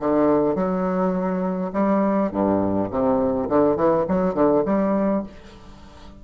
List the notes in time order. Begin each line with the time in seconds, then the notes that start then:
0.00 D3
0.55 F#3
1.73 G3
2.32 G2
2.91 C3
3.49 D3
3.76 E3
4.09 F#3
4.35 D3
4.65 G3